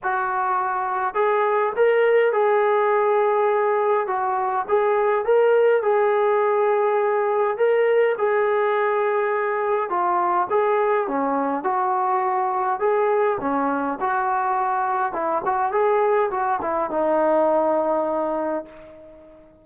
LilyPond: \new Staff \with { instrumentName = "trombone" } { \time 4/4 \tempo 4 = 103 fis'2 gis'4 ais'4 | gis'2. fis'4 | gis'4 ais'4 gis'2~ | gis'4 ais'4 gis'2~ |
gis'4 f'4 gis'4 cis'4 | fis'2 gis'4 cis'4 | fis'2 e'8 fis'8 gis'4 | fis'8 e'8 dis'2. | }